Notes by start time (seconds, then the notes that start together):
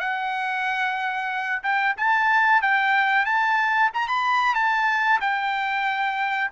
0.00 F#5
1.63 G5
1.97 A5
2.62 G5
3.25 A5
3.94 A#5
4.08 B5
4.55 A5
5.21 G5